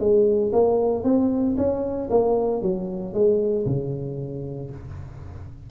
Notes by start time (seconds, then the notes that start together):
0.00 G#3
0.53 A#3
1.04 C4
1.58 C#4
2.11 A#3
2.63 F#3
3.14 G#3
3.67 C#3